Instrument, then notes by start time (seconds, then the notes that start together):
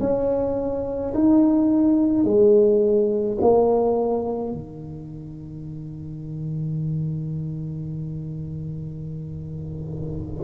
tuba
0.00 C#4
1.14 D#4
2.24 G#3
3.41 A#3
4.52 D#3